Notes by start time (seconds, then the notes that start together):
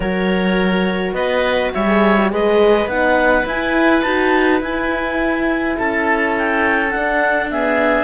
0.00 F#3 F#4 A#4 C#5
1.13 B3 B4 D#5
1.73 G3 C#5 E5
1.87 G#4
2.17 F#4
2.30 G#3 G#4 B4 D#5
2.86 B3 D#4 F#5
3.45 E4 G#5
4.02 D#4 F#4 A5
4.60 E4 G#5
5.77 C#4 A4 A5
6.37 G5
6.90 D4 F#5
7.50 B3 G#4 E5